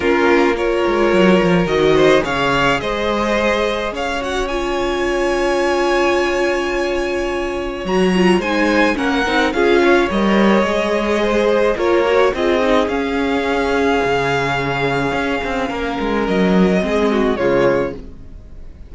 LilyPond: <<
  \new Staff \with { instrumentName = "violin" } { \time 4/4 \tempo 4 = 107 ais'4 cis''2 dis''4 | f''4 dis''2 f''8 fis''8 | gis''1~ | gis''2 ais''4 gis''4 |
fis''4 f''4 dis''2~ | dis''4 cis''4 dis''4 f''4~ | f''1~ | f''4 dis''2 cis''4 | }
  \new Staff \with { instrumentName = "violin" } { \time 4/4 f'4 ais'2~ ais'8 c''8 | cis''4 c''2 cis''4~ | cis''1~ | cis''2. c''4 |
ais'4 gis'8 cis''2~ cis''8 | c''4 ais'4 gis'2~ | gis'1 | ais'2 gis'8 fis'8 f'4 | }
  \new Staff \with { instrumentName = "viola" } { \time 4/4 cis'4 f'2 fis'4 | gis'2.~ gis'8 fis'8 | f'1~ | f'2 fis'8 f'8 dis'4 |
cis'8 dis'8 f'4 ais'4 gis'4~ | gis'4 f'8 fis'8 f'8 dis'8 cis'4~ | cis'1~ | cis'2 c'4 gis4 | }
  \new Staff \with { instrumentName = "cello" } { \time 4/4 ais4. gis8 fis8 f8 dis4 | cis4 gis2 cis'4~ | cis'1~ | cis'2 fis4 gis4 |
ais8 c'8 cis'4 g4 gis4~ | gis4 ais4 c'4 cis'4~ | cis'4 cis2 cis'8 c'8 | ais8 gis8 fis4 gis4 cis4 | }
>>